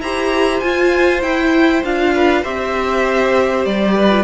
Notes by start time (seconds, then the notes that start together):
0.00 E4 G4 C5 A#5
0.59 F4 G#5
1.22 E4 G5
1.84 D4 F4 F5
2.14 B4
2.42 C4 G4 C5 E5
3.65 G3 D5
3.95 B4
4.10 F4